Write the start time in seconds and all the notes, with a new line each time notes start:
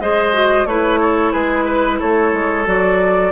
0.00 G#3 G#4 C5 D#5
0.33 F#4
0.65 A3 E4 B4 C#5
1.00 A4
1.32 G#3 G#4 B4
1.65 B4
1.99 A3 A4 C#5
2.33 G#3
2.65 F#3 F#4 D5